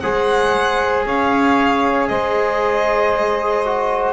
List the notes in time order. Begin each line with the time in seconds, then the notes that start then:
0.00 G#3 G#4 C5 F#5
1.05 C#4 C#5 F5
2.08 G#3 C5 D#5
3.65 F#4